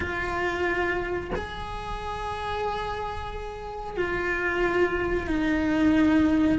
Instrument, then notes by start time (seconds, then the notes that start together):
cello
0.00 F4
1.35 G#4
3.96 F4
5.27 D#4